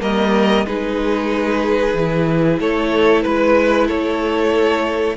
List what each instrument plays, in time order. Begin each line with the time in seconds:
0.00 cello G3, viola A#3, violin A#4 D#5
0.67 cello G#3, viola D#4, violin G#4 B4
1.94 cello E3, viola E4
2.60 cello A3, violin A4 C#5
3.23 cello G#3, violin B4
3.88 cello A3, violin A4 C#5